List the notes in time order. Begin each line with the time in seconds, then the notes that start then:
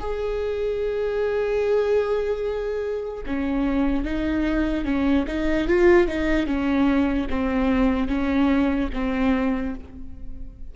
0.00 G#4
3.27 C#4
4.05 D#4
4.85 C#4
5.27 D#4
5.68 F4
6.08 D#4
6.47 C#4
7.30 C4
8.09 C#4
8.94 C4